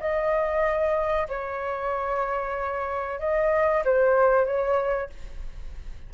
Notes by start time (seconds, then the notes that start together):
0.00 D#5
1.28 C#5
3.19 D#5
3.85 C5
4.46 C#5